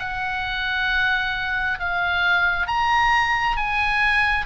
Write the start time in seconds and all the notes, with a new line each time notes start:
0.00 F#5
1.80 F5
2.67 A#5
3.57 G#5